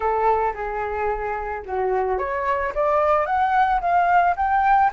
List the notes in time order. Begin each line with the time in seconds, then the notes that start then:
0.00 A4
0.53 G#4
1.65 F#4
2.18 C#5
2.74 D5
3.26 F#5
3.80 F5
4.36 G5